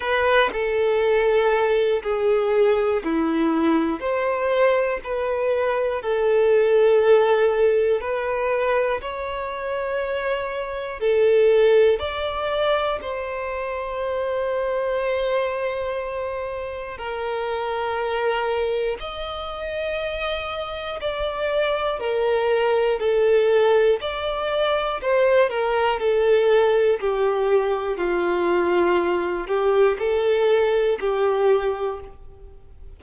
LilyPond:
\new Staff \with { instrumentName = "violin" } { \time 4/4 \tempo 4 = 60 b'8 a'4. gis'4 e'4 | c''4 b'4 a'2 | b'4 cis''2 a'4 | d''4 c''2.~ |
c''4 ais'2 dis''4~ | dis''4 d''4 ais'4 a'4 | d''4 c''8 ais'8 a'4 g'4 | f'4. g'8 a'4 g'4 | }